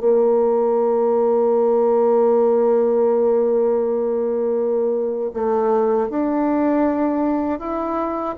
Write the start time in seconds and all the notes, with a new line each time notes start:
0.00 A#3
5.34 A3
6.10 D4
7.59 E4